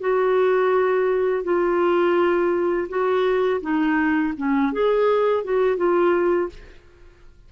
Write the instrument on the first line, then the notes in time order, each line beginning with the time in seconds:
clarinet
0.00 F#4
1.44 F4
2.88 F#4
3.61 D#4
4.37 C#4
4.73 G#4
5.44 F#4
5.77 F4